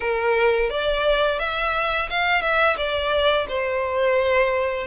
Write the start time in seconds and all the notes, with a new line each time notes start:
0.00 A#4
0.69 D5
1.39 E5
2.10 F5
2.41 E5
2.77 D5
3.48 C5